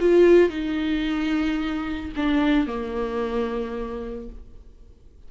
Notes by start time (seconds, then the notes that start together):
0.00 F4
0.50 D#4
2.16 D4
2.67 A#3